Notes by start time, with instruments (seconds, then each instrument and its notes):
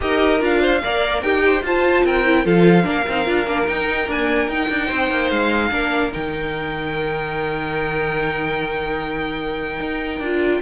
0.00 cello D#4, viola G4, violin A#4 D#5
0.39 cello D4, viola F4, violin F5
0.61 violin C5
0.83 cello A#3, viola A#4, violin D5
1.22 cello D#4, violin G4 G5
1.46 viola C5
1.62 cello F4, viola F4, violin C5 A5
2.04 cello C4, violin A#4 G5
2.25 viola E4
2.44 cello F3, viola F4, violin A4 F5
2.83 cello A#3, viola D4, violin A#4
3.08 cello C4, viola D#4
3.25 cello D4, viola F4
3.46 cello A#3, viola D4
3.66 viola D#4, cello D#4, violin G5
4.07 viola A#3, cello D4, violin G#5
4.47 cello D#4, viola D#4, violin G5
4.69 cello D4
4.86 cello C4, violin C5
5.10 cello A#3
5.29 cello G#3, violin F5
5.70 cello A#3, viola D4, violin A#4
6.12 cello D#3, viola D#4, violin G5
9.79 cello D#4
10.19 cello D4, viola F4